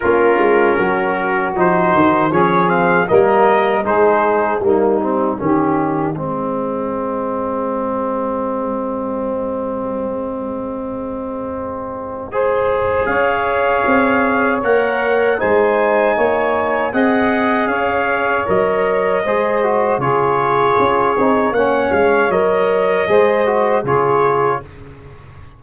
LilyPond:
<<
  \new Staff \with { instrumentName = "trumpet" } { \time 4/4 \tempo 4 = 78 ais'2 c''4 cis''8 f''8 | dis''4 c''4 dis''2~ | dis''1~ | dis''1~ |
dis''4 f''2 fis''4 | gis''2 fis''4 f''4 | dis''2 cis''2 | fis''8 f''8 dis''2 cis''4 | }
  \new Staff \with { instrumentName = "saxophone" } { \time 4/4 f'4 fis'2 gis'4 | ais'4 gis'4 dis'4 g'4 | gis'1~ | gis'1 |
c''4 cis''2. | c''4 cis''4 dis''4 cis''4~ | cis''4 c''4 gis'2 | cis''2 c''4 gis'4 | }
  \new Staff \with { instrumentName = "trombone" } { \time 4/4 cis'2 dis'4 cis'8 c'8 | ais4 dis'4 ais8 c'8 cis'4 | c'1~ | c'1 |
gis'2. ais'4 | dis'2 gis'2 | ais'4 gis'8 fis'8 f'4. dis'8 | cis'4 ais'4 gis'8 fis'8 f'4 | }
  \new Staff \with { instrumentName = "tuba" } { \time 4/4 ais8 gis8 fis4 f8 dis8 f4 | g4 gis4 g4 dis4 | gis1~ | gis1~ |
gis4 cis'4 c'4 ais4 | gis4 ais4 c'4 cis'4 | fis4 gis4 cis4 cis'8 c'8 | ais8 gis8 fis4 gis4 cis4 | }
>>